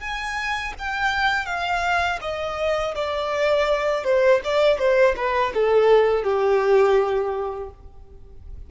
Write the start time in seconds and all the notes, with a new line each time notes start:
0.00 G#5
0.78 G5
1.45 F5
2.21 D#5
2.95 D5
4.04 C5
4.44 D5
4.78 C5
5.16 B4
5.54 A4
6.23 G4